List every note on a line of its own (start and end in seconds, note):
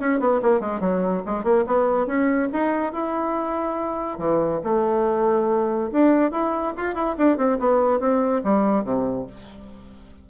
0.00 0.20 C#4
0.20 0.41 B3
0.42 0.60 A#3
0.60 0.80 G#3
0.80 1.23 F#3
1.26 1.44 G#3
1.44 1.65 A#3
1.67 2.07 B3
2.07 2.49 C#4
2.53 2.93 D#4
2.93 4.19 E4
4.19 4.61 E3
4.64 5.91 A3
5.92 6.32 D4
6.32 6.74 E4
6.77 6.95 F4
6.95 7.16 E4
7.18 7.38 D4
7.38 7.59 C4
7.59 8.00 B3
8.00 8.42 C4
8.44 8.84 G3
8.84 9.27 C3